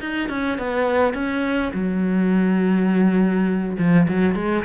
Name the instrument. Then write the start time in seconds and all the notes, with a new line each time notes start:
cello
0.00 D#4
0.29 C#4
0.58 B3
1.13 C#4
1.73 F#3
3.78 F3
4.08 F#3
4.35 G#3